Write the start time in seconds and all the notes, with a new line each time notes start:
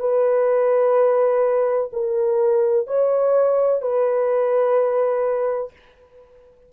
0.00 B4
1.93 A#4
2.87 C#5
3.82 B4